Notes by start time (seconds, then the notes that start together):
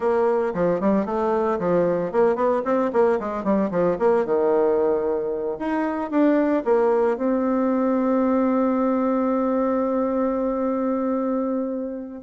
0.00 A#3
0.53 F3
0.80 G3
1.05 A3
1.59 F3
2.12 A#3
2.35 B3
2.64 C4
2.92 A#3
3.19 G#3
3.44 G3
3.70 F3
3.98 A#3
4.25 D#3
5.59 D#4
6.10 D4
6.64 A#3
7.17 C4